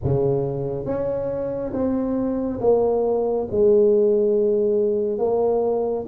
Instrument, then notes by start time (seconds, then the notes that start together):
tuba
0.04 C#3
0.85 C#4
1.73 C4
2.60 A#3
3.50 G#3
5.18 A#3